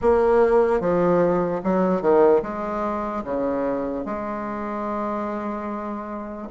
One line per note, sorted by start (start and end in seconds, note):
0.01 0.80 A#3
0.80 1.61 F3
1.63 2.01 F#3
2.01 2.42 D#3
2.42 3.23 G#3
3.24 4.05 C#3
4.05 6.48 G#3